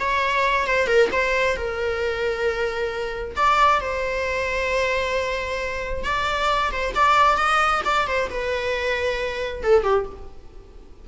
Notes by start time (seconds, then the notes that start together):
0.00 C#5
0.67 C5
0.88 A#4
1.12 C5
1.57 A#4
3.37 D5
3.81 C5
6.04 D5
6.72 C5
6.95 D5
7.37 D#5
7.85 D5
8.08 C5
8.30 B4
9.64 A4
9.84 G4